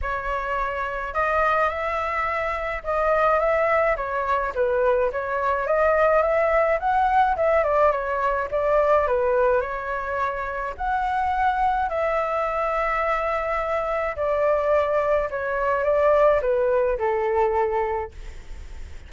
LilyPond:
\new Staff \with { instrumentName = "flute" } { \time 4/4 \tempo 4 = 106 cis''2 dis''4 e''4~ | e''4 dis''4 e''4 cis''4 | b'4 cis''4 dis''4 e''4 | fis''4 e''8 d''8 cis''4 d''4 |
b'4 cis''2 fis''4~ | fis''4 e''2.~ | e''4 d''2 cis''4 | d''4 b'4 a'2 | }